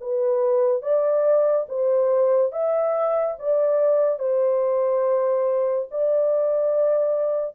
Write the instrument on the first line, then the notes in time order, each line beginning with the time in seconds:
horn
0.00 B4
0.82 D5
1.68 C5
2.52 E5
3.38 D5
4.19 C5
5.91 D5